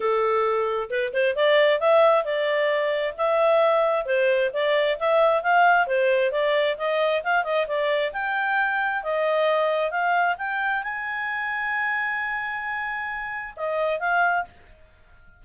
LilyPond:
\new Staff \with { instrumentName = "clarinet" } { \time 4/4 \tempo 4 = 133 a'2 b'8 c''8 d''4 | e''4 d''2 e''4~ | e''4 c''4 d''4 e''4 | f''4 c''4 d''4 dis''4 |
f''8 dis''8 d''4 g''2 | dis''2 f''4 g''4 | gis''1~ | gis''2 dis''4 f''4 | }